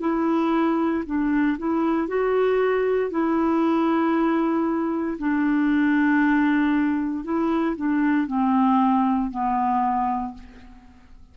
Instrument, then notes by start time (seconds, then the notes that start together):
clarinet
0.00 E4
1.05 D4
1.58 E4
2.07 F#4
3.10 E4
5.18 D4
7.24 E4
7.76 D4
8.27 C4
9.30 B3